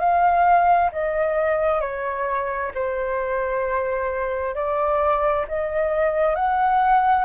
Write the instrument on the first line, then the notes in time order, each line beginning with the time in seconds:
flute
0.00 F5
0.93 D#5
1.81 C#5
2.75 C5
4.55 D5
5.48 D#5
6.36 F#5